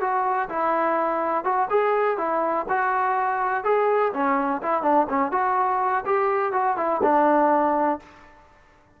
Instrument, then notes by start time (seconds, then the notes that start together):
trombone
0.00 F#4
0.49 E4
1.44 F#4
1.70 G#4
2.17 E4
2.68 F#4
3.64 G#4
4.13 C#4
4.62 E4
4.82 D4
5.09 C#4
5.31 F#4
6.05 G4
6.52 F#4
6.76 E4
7.02 D4